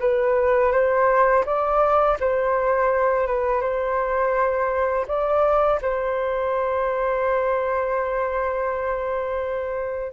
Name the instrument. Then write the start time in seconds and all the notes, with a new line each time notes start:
flute
0.00 B4
0.72 C5
1.46 D5
2.20 C5
3.27 B4
3.61 C5
5.08 D5
5.82 C5